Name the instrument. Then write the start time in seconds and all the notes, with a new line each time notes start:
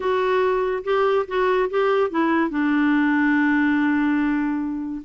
clarinet
0.00 F#4
0.84 G4
1.27 F#4
1.70 G4
2.10 E4
2.50 D4